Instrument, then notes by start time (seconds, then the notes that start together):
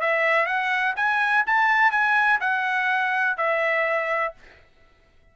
trumpet
0.00 E5
0.46 F#5
0.96 G#5
1.46 A5
1.91 G#5
2.40 F#5
3.37 E5